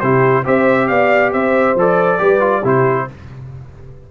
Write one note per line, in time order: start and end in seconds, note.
0.00 0.46 C3
0.00 0.45 E4
0.00 0.44 G4
0.00 0.44 C5
0.44 0.90 C4
0.44 1.77 G4
0.44 0.88 C5
0.44 0.88 E5
0.88 1.33 B3
0.88 1.32 D5
0.88 1.32 F5
1.32 1.76 C4
1.32 2.20 C5
1.32 1.77 E5
1.76 2.19 F3
1.76 2.19 A4
1.76 2.68 D5
2.19 2.64 G3
2.19 2.40 G4
2.19 2.61 B4
2.40 2.62 F4
2.61 3.08 C3
2.61 3.08 E4
2.61 3.05 G4
2.68 3.11 C5